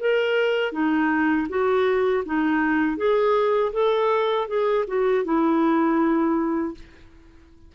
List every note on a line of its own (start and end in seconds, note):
0.00 0.73 A#4
0.73 1.48 D#4
1.49 2.24 F#4
2.26 2.97 D#4
2.97 3.72 G#4
3.73 4.48 A4
4.48 4.85 G#4
4.88 5.25 F#4
5.25 6.75 E4